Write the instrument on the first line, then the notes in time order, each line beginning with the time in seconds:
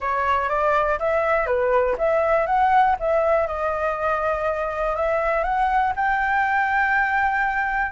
flute
0.00 C#5
0.49 D5
0.99 E5
1.46 B4
1.98 E5
2.46 F#5
2.99 E5
3.47 D#5
4.96 E5
5.43 F#5
5.96 G5